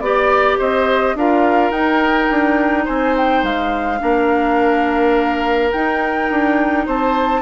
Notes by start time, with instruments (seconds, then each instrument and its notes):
0.00 bassoon B3, clarinet G4, flute D5, oboe D5
0.59 bassoon C4, oboe C5, flute D#5
1.15 bassoon D4, clarinet F4, oboe A#4, flute F5
1.71 bassoon D#4, clarinet D#4, flute G5
2.31 bassoon D4
2.85 bassoon C4, oboe C5, flute G#5
3.17 flute G5
3.43 bassoon G#3, flute F5
3.98 bassoon A#3, clarinet D4, oboe A#4
5.72 clarinet D#4, bassoon D#4, flute G5
6.30 bassoon D4
6.86 bassoon C4, oboe C5, flute A5